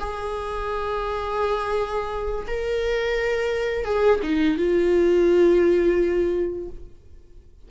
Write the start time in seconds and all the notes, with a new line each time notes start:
0.00 G#4
2.47 A#4
3.85 G#4
4.23 D#4
4.58 F4